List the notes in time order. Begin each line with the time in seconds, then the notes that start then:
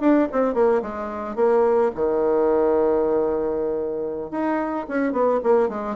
0.00 D4
0.32 C4
0.54 A#3
0.82 G#3
1.35 A#3
1.94 D#3
4.30 D#4
4.88 C#4
5.12 B3
5.43 A#3
5.68 G#3